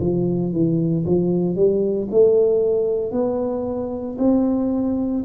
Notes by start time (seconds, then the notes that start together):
0.00 F3
0.53 E3
1.05 F3
1.56 G3
2.11 A3
3.11 B3
4.19 C4